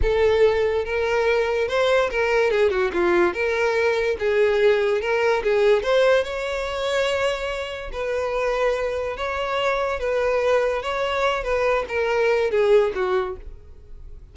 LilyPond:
\new Staff \with { instrumentName = "violin" } { \time 4/4 \tempo 4 = 144 a'2 ais'2 | c''4 ais'4 gis'8 fis'8 f'4 | ais'2 gis'2 | ais'4 gis'4 c''4 cis''4~ |
cis''2. b'4~ | b'2 cis''2 | b'2 cis''4. b'8~ | b'8 ais'4. gis'4 fis'4 | }